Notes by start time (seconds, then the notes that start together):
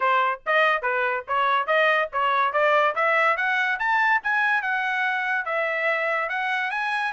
0.00 C5
0.46 D#5
0.82 B4
1.27 C#5
1.66 D#5
2.12 C#5
2.53 D5
2.95 E5
3.36 F#5
3.79 A5
4.23 G#5
4.62 F#5
5.45 E5
6.29 F#5
6.70 G#5